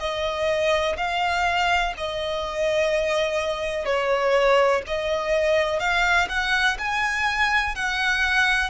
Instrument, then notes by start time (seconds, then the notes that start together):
violin
0.00 D#5
0.97 F5
1.98 D#5
3.86 C#5
4.87 D#5
5.80 F5
6.29 F#5
6.79 G#5
7.76 F#5